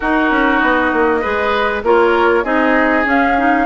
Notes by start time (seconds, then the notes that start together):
0.00 D#4 F#4 A#4
0.30 C#4
0.59 B3 D#5
0.92 A#3
1.21 G#3 G#4 B4
1.82 A#3 F4 A#4 C#5
2.43 C4 D#4 G#4 D#5
3.05 C#4 F5
3.37 D#4